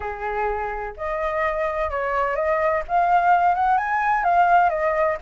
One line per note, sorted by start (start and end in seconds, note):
0.00 0.93 G#4
0.97 1.90 D#5
1.90 2.35 C#5
2.35 2.82 D#5
2.88 3.54 F5
3.54 3.77 F#5
3.77 4.23 G#5
4.23 4.69 F5
4.69 5.17 D#5